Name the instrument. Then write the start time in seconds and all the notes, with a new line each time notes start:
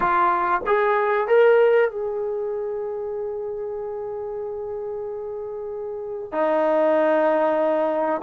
trombone
0.00 F4
0.66 G#4
1.27 A#4
1.91 G#4
6.32 D#4